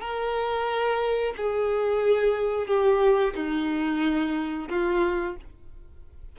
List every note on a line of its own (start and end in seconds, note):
0.00 1.33 A#4
1.37 2.67 G#4
2.67 3.33 G4
3.35 4.68 D#4
4.69 5.35 F4